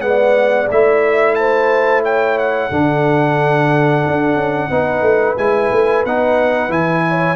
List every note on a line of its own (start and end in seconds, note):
0.00 0.67 G#3
0.00 0.67 B3
0.00 0.67 F#5
0.07 1.38 D5
0.70 2.70 A3
0.70 2.71 E4
0.70 1.35 E5
1.35 2.03 C5
1.35 2.02 A5
2.03 2.69 C#5
2.03 2.38 G5
2.38 5.37 F#5
2.71 4.04 D3
2.71 4.70 D4
2.71 4.69 A4
4.07 4.35 D4
4.35 4.69 C#4
4.69 5.01 B3
4.69 5.37 D#4
4.69 7.03 B4
5.01 5.35 A3
5.37 5.71 G#3
5.37 6.04 E4
5.37 6.04 G#5
5.71 6.04 A3
6.05 6.69 B3
6.05 6.69 D#4
6.05 6.72 F#5
6.69 7.35 E3
6.69 7.35 E4
6.69 7.35 G#5
7.08 7.35 C#5